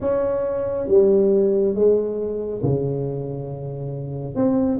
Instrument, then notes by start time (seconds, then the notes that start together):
tuba
0.00 C#4
0.87 G3
1.74 G#3
2.62 C#3
4.35 C4